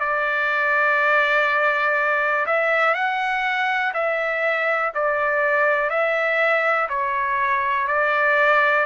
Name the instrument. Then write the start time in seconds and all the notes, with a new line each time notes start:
trumpet
0.00 D5
2.46 E5
2.95 F#5
3.94 E5
4.95 D5
5.90 E5
6.89 C#5
7.88 D5